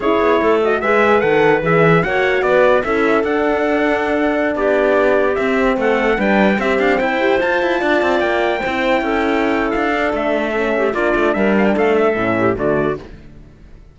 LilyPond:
<<
  \new Staff \with { instrumentName = "trumpet" } { \time 4/4 \tempo 4 = 148 cis''4. dis''8 e''4 fis''4 | e''4 fis''4 d''4 e''4 | fis''2.~ fis''16 d''8.~ | d''4~ d''16 e''4 fis''4 g''8.~ |
g''16 e''8 f''8 g''4 a''4.~ a''16~ | a''16 g''2.~ g''8. | f''4 e''2 d''4 | e''8 f''16 g''16 f''8 e''4. d''4 | }
  \new Staff \with { instrumentName = "clarinet" } { \time 4/4 gis'4 a'4 b'2~ | b'4 cis''4 b'4 a'4~ | a'2.~ a'16 g'8.~ | g'2~ g'16 a'4 b'8.~ |
b'16 g'4 c''2 d''8.~ | d''4~ d''16 c''4 a'4.~ a'16~ | a'2~ a'8 g'8 f'4 | ais'4 a'4. g'8 fis'4 | }
  \new Staff \with { instrumentName = "horn" } { \time 4/4 e'4. fis'8 gis'4 a'4 | gis'4 fis'2 e'4 | d'1~ | d'4~ d'16 c'2 d'8.~ |
d'16 c'4. g'8 f'4.~ f'16~ | f'4~ f'16 e'2~ e'8.~ | e'8 d'4. cis'4 d'4~ | d'2 cis'4 a4 | }
  \new Staff \with { instrumentName = "cello" } { \time 4/4 cis'8 b8 a4 gis4 dis4 | e4 ais4 b4 cis'4 | d'2.~ d'16 b8.~ | b4~ b16 c'4 a4 g8.~ |
g16 c'8 d'8 e'4 f'8 e'8 d'8 c'16~ | c'16 ais4 c'4 cis'4.~ cis'16 | d'4 a2 ais8 a8 | g4 a4 a,4 d4 | }
>>